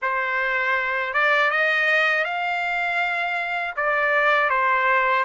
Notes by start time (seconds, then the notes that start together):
0.02 C5
1.13 D5
1.50 D#5
2.24 F5
3.76 D5
4.49 C5